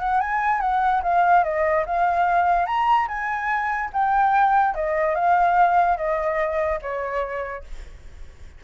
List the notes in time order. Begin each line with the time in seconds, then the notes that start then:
0.00 F#5
0.21 G#5
0.61 F#5
1.03 F5
1.44 D#5
1.86 F5
2.66 A#5
3.08 G#5
3.93 G5
4.75 D#5
5.15 F5
5.97 D#5
6.82 C#5